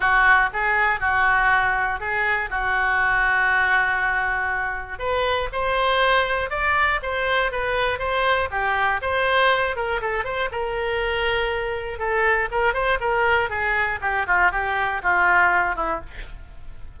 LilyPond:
\new Staff \with { instrumentName = "oboe" } { \time 4/4 \tempo 4 = 120 fis'4 gis'4 fis'2 | gis'4 fis'2.~ | fis'2 b'4 c''4~ | c''4 d''4 c''4 b'4 |
c''4 g'4 c''4. ais'8 | a'8 c''8 ais'2. | a'4 ais'8 c''8 ais'4 gis'4 | g'8 f'8 g'4 f'4. e'8 | }